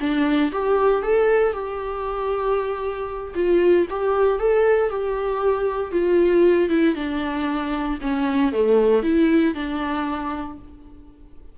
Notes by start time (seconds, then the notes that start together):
0.00 D4
0.52 G4
1.02 A4
1.53 G4
3.35 F4
3.90 G4
4.39 A4
4.89 G4
5.92 F4
6.69 E4
6.95 D4
8.01 C#4
8.53 A3
9.03 E4
9.55 D4